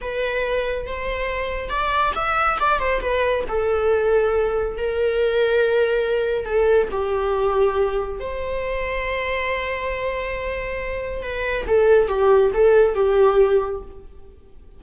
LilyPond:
\new Staff \with { instrumentName = "viola" } { \time 4/4 \tempo 4 = 139 b'2 c''2 | d''4 e''4 d''8 c''8 b'4 | a'2. ais'4~ | ais'2. a'4 |
g'2. c''4~ | c''1~ | c''2 b'4 a'4 | g'4 a'4 g'2 | }